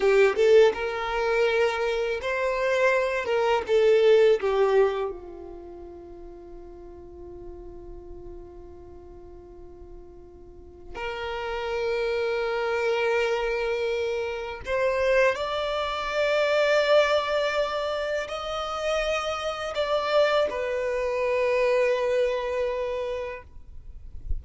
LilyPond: \new Staff \with { instrumentName = "violin" } { \time 4/4 \tempo 4 = 82 g'8 a'8 ais'2 c''4~ | c''8 ais'8 a'4 g'4 f'4~ | f'1~ | f'2. ais'4~ |
ais'1 | c''4 d''2.~ | d''4 dis''2 d''4 | b'1 | }